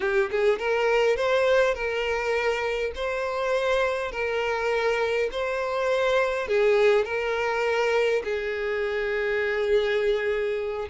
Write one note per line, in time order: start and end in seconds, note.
0.00 0.29 G4
0.30 0.58 G#4
0.58 1.16 A#4
1.16 1.74 C5
1.74 2.92 A#4
2.95 4.11 C5
4.11 5.29 A#4
5.31 6.47 C5
6.47 7.05 G#4
7.05 8.22 A#4
8.24 10.89 G#4